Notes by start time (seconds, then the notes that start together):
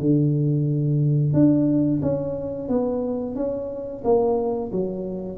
0.00 D3
1.34 D4
2.02 C#4
2.69 B3
3.36 C#4
4.04 A#3
4.72 F#3